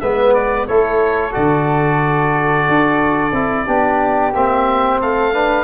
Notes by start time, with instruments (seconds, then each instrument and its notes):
0.00 tuba G#3, trombone B3, flute B4, oboe E5
0.34 oboe D5
0.67 tuba A3, trombone E4, flute A4, oboe C#5
1.32 tuba D3, trombone F#4, oboe D5
2.68 tuba D4
3.32 tuba C4, trombone E4
3.66 tuba B3, trombone D4, flute G4
4.34 tuba A#3, trombone C4, oboe E5
5.00 tuba A3, flute A4, oboe F5
5.33 trombone D4, flute B4